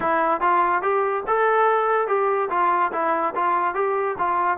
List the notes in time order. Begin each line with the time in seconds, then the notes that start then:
0.00 E4
0.40 F4
0.81 G4
1.27 A4
2.07 G4
2.50 F4
2.92 E4
3.35 F4
3.74 G4
4.18 F4